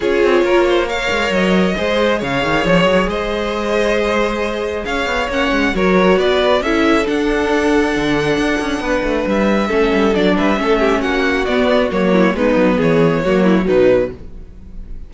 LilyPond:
<<
  \new Staff \with { instrumentName = "violin" } { \time 4/4 \tempo 4 = 136 cis''2 f''4 dis''4~ | dis''4 f''4 cis''4 dis''4~ | dis''2. f''4 | fis''4 cis''4 d''4 e''4 |
fis''1~ | fis''4 e''2 d''8 e''8~ | e''4 fis''4 d''4 cis''4 | b'4 cis''2 b'4 | }
  \new Staff \with { instrumentName = "violin" } { \time 4/4 gis'4 ais'8 c''8 cis''2 | c''4 cis''2 c''4~ | c''2. cis''4~ | cis''4 ais'4 b'4 a'4~ |
a'1 | b'2 a'4. b'8 | a'8 g'8 fis'2~ fis'8 e'8 | dis'4 gis'4 fis'8 e'8 dis'4 | }
  \new Staff \with { instrumentName = "viola" } { \time 4/4 f'2 ais'2 | gis'1~ | gis'1 | cis'4 fis'2 e'4 |
d'1~ | d'2 cis'4 d'4 | cis'2 b4 ais4 | b2 ais4 fis4 | }
  \new Staff \with { instrumentName = "cello" } { \time 4/4 cis'8 c'8 ais4. gis8 fis4 | gis4 cis8 dis8 f8 fis8 gis4~ | gis2. cis'8 b8 | ais8 gis8 fis4 b4 cis'4 |
d'2 d4 d'8 cis'8 | b8 a8 g4 a8 g8 fis8 g8 | a4 ais4 b4 fis4 | gis8 fis8 e4 fis4 b,4 | }
>>